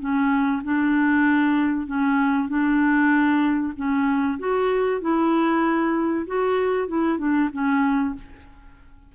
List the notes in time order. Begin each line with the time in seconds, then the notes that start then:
0.00 C#4
0.64 D4
1.87 C#4
2.49 D4
3.76 C#4
4.39 F#4
5.01 E4
6.27 F#4
6.88 E4
7.18 D4
7.53 C#4